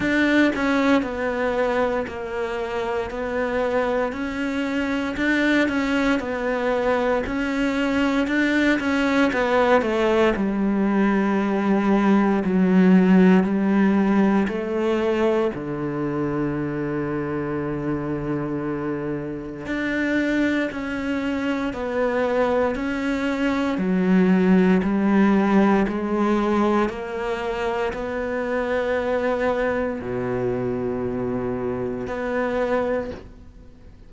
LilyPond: \new Staff \with { instrumentName = "cello" } { \time 4/4 \tempo 4 = 58 d'8 cis'8 b4 ais4 b4 | cis'4 d'8 cis'8 b4 cis'4 | d'8 cis'8 b8 a8 g2 | fis4 g4 a4 d4~ |
d2. d'4 | cis'4 b4 cis'4 fis4 | g4 gis4 ais4 b4~ | b4 b,2 b4 | }